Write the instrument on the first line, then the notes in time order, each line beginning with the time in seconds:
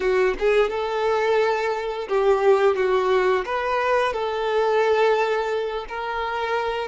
violin
0.00 F#4
0.39 G#4
0.70 A4
2.08 G4
2.76 F#4
3.45 B4
4.13 A4
5.88 A#4